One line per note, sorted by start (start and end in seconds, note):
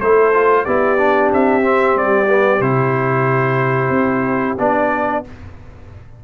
0.00 0.66 A3
0.00 0.34 E4
0.00 0.65 A4
0.00 0.65 C5
0.34 0.66 F4
0.65 1.32 B3
0.65 0.98 E4
0.65 5.21 G4
0.65 1.30 D5
0.98 1.62 D4
1.32 1.96 C4
1.32 1.98 E5
1.62 2.28 C4
1.96 2.60 G3
1.96 2.61 D5
2.29 2.61 B3
2.60 3.90 C3
2.60 4.58 E4
2.60 4.57 C5
3.90 4.55 C4
4.59 5.24 B3
4.59 5.24 D4
4.59 5.24 D5